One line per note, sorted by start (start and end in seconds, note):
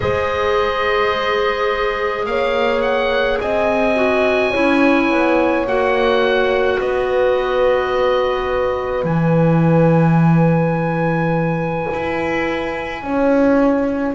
0.00 2.25 G#3
0.00 3.95 G#4
0.00 2.27 C5
0.00 2.25 D#5
2.25 3.38 A#3
2.25 3.41 C#5
2.25 2.81 F5
2.81 3.37 F#5
3.40 4.54 C4
3.40 4.51 D#5
3.40 5.67 G#5
3.95 4.52 F#4
4.51 5.09 C#4
4.51 5.66 E4
4.51 6.77 C#5
5.09 5.66 B3
5.66 6.79 A#3
5.66 9.04 F#4
5.66 6.80 F#5
6.78 9.03 B3
6.78 13.00 B4
6.78 9.05 D#5
9.03 11.86 E3
9.03 14.13 E4
9.03 14.14 G#5
11.93 13.02 E4
13.02 14.14 C#4
13.02 14.14 C#5